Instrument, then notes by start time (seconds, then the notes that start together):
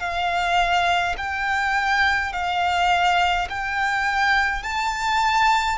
violin
0.00 F5
1.18 G5
2.33 F5
3.50 G5
4.63 A5